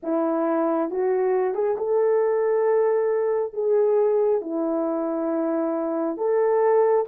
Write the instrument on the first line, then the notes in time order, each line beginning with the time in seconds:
horn
0.02 E4
0.90 F#4
1.54 G#4
1.77 A4
3.53 G#4
4.41 E4
6.17 A4